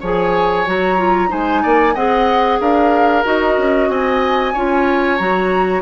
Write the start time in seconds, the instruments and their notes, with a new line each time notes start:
0.00 bassoon F3, clarinet G#4, oboe C#5, flute G#5
0.66 bassoon F#3, clarinet F#4, flute A#5
0.97 clarinet F4
1.28 bassoon G#3, clarinet D#4, oboe C5, flute G#5
1.62 bassoon A#3, oboe D5
1.94 bassoon C4, clarinet G#4, oboe D#5, flute F#5
2.60 bassoon D4, oboe A#4, flute F5
3.24 bassoon D#4, clarinet F#4, flute D#5
3.58 bassoon C#4
3.89 bassoon C4, oboe D#5, flute G#5
4.53 bassoon C#4, clarinet F4, oboe C#5
5.17 bassoon F#3, clarinet F#4, flute A#5